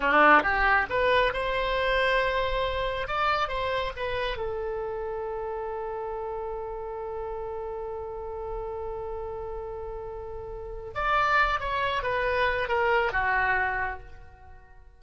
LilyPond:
\new Staff \with { instrumentName = "oboe" } { \time 4/4 \tempo 4 = 137 d'4 g'4 b'4 c''4~ | c''2. d''4 | c''4 b'4 a'2~ | a'1~ |
a'1~ | a'1~ | a'4 d''4. cis''4 b'8~ | b'4 ais'4 fis'2 | }